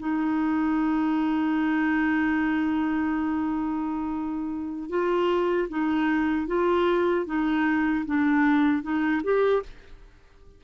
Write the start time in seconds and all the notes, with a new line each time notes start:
0.00 D#4
4.90 F4
5.69 D#4
6.48 F4
7.26 D#4
8.06 D4
8.83 D#4
9.24 G4